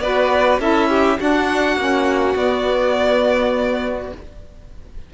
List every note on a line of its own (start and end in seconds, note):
0.00 0.59 B3
0.00 0.59 F#4
0.00 0.60 B4
0.00 0.59 D5
0.59 1.18 C#4
0.59 1.18 E4
0.59 0.89 A4
0.59 1.20 E5
0.89 1.19 G4
1.19 1.78 D4
1.19 1.76 D4
1.19 4.14 F#4
1.19 2.37 F#5
1.76 2.35 A#3
1.76 2.36 C#4
2.36 4.12 B3
2.36 4.13 B3
2.36 4.13 D5